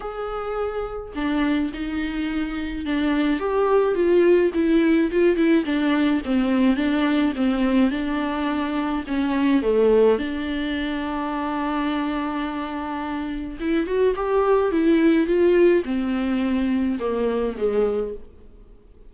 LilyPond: \new Staff \with { instrumentName = "viola" } { \time 4/4 \tempo 4 = 106 gis'2 d'4 dis'4~ | dis'4 d'4 g'4 f'4 | e'4 f'8 e'8 d'4 c'4 | d'4 c'4 d'2 |
cis'4 a4 d'2~ | d'1 | e'8 fis'8 g'4 e'4 f'4 | c'2 ais4 gis4 | }